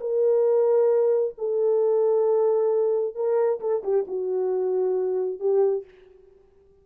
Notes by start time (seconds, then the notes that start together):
0.00 A#4
1.38 A4
3.14 A#4
3.60 A4
3.83 G4
4.07 F#4
5.40 G4